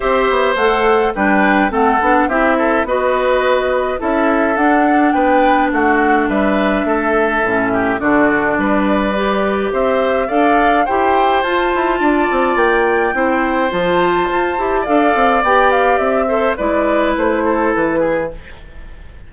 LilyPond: <<
  \new Staff \with { instrumentName = "flute" } { \time 4/4 \tempo 4 = 105 e''4 fis''4 g''4 fis''4 | e''4 dis''2 e''4 | fis''4 g''4 fis''4 e''4~ | e''2 d''2~ |
d''4 e''4 f''4 g''4 | a''2 g''2 | a''2 f''4 g''8 f''8 | e''4 d''4 c''4 b'4 | }
  \new Staff \with { instrumentName = "oboe" } { \time 4/4 c''2 b'4 a'4 | g'8 a'8 b'2 a'4~ | a'4 b'4 fis'4 b'4 | a'4. g'8 fis'4 b'4~ |
b'4 c''4 d''4 c''4~ | c''4 d''2 c''4~ | c''2 d''2~ | d''8 c''8 b'4. a'4 gis'8 | }
  \new Staff \with { instrumentName = "clarinet" } { \time 4/4 g'4 a'4 d'4 c'8 d'8 | e'4 fis'2 e'4 | d'1~ | d'4 cis'4 d'2 |
g'2 a'4 g'4 | f'2. e'4 | f'4. g'8 a'4 g'4~ | g'8 a'8 e'2. | }
  \new Staff \with { instrumentName = "bassoon" } { \time 4/4 c'8 b8 a4 g4 a8 b8 | c'4 b2 cis'4 | d'4 b4 a4 g4 | a4 a,4 d4 g4~ |
g4 c'4 d'4 e'4 | f'8 e'8 d'8 c'8 ais4 c'4 | f4 f'8 e'8 d'8 c'8 b4 | c'4 gis4 a4 e4 | }
>>